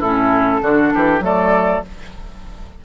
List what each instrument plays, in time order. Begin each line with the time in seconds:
0.00 bassoon A2, clarinet C#4, oboe E4, flute A4
0.62 bassoon D3, clarinet D4, oboe F#4
0.94 bassoon E3, oboe G4
1.20 bassoon F#3, clarinet A3, oboe A4, flute D5